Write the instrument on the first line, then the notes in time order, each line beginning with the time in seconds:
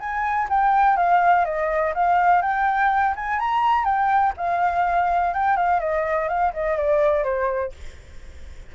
flute
0.00 G#5
0.49 G5
0.96 F5
1.45 D#5
1.94 F5
2.42 G5
3.16 G#5
3.39 A#5
3.84 G5
4.37 F5
5.34 G5
5.56 F5
5.80 D#5
6.28 F5
6.53 D#5
6.77 D5
7.24 C5